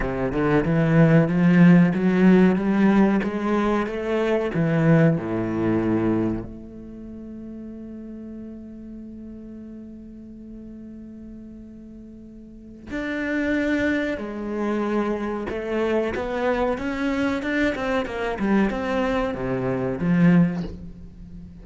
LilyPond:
\new Staff \with { instrumentName = "cello" } { \time 4/4 \tempo 4 = 93 c8 d8 e4 f4 fis4 | g4 gis4 a4 e4 | a,2 a2~ | a1~ |
a1 | d'2 gis2 | a4 b4 cis'4 d'8 c'8 | ais8 g8 c'4 c4 f4 | }